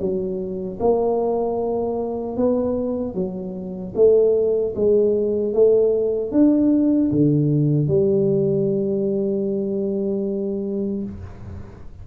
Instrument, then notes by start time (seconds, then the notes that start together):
tuba
0.00 F#3
0.80 A#3
2.37 B3
3.14 F#3
3.95 A3
4.75 G#3
5.54 A3
6.32 D4
7.12 D3
7.88 G3